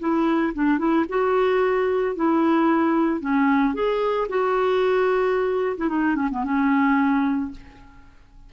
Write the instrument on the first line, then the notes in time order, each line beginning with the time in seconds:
clarinet
0.00 E4
0.55 D4
0.79 E4
1.10 F#4
2.16 E4
3.21 C#4
3.75 G#4
4.30 F#4
5.78 E4
5.90 D#4
6.16 C#4
6.32 B3
6.44 C#4